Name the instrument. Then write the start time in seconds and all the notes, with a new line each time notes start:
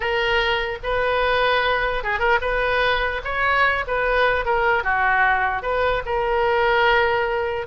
oboe
0.00 A#4
0.83 B4
2.03 G#4
2.19 A#4
2.41 B4
3.24 C#5
3.87 B4
4.45 A#4
4.83 F#4
5.62 B4
6.05 A#4